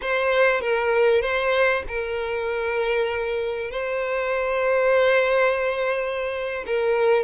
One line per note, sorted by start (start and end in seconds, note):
0.01 0.60 C5
0.60 1.21 A#4
1.21 1.83 C5
1.88 3.70 A#4
3.70 6.64 C5
6.66 7.23 A#4